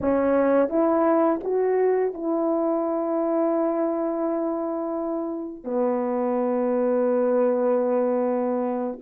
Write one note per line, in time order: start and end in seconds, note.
0.00 0.69 C#4
0.69 1.40 E4
1.43 2.13 F#4
2.13 5.64 E4
5.64 8.99 B3